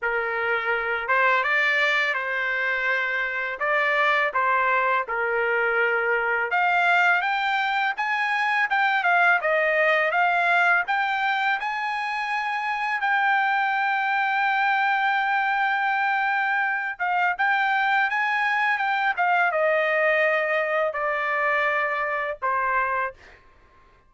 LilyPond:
\new Staff \with { instrumentName = "trumpet" } { \time 4/4 \tempo 4 = 83 ais'4. c''8 d''4 c''4~ | c''4 d''4 c''4 ais'4~ | ais'4 f''4 g''4 gis''4 | g''8 f''8 dis''4 f''4 g''4 |
gis''2 g''2~ | g''2.~ g''8 f''8 | g''4 gis''4 g''8 f''8 dis''4~ | dis''4 d''2 c''4 | }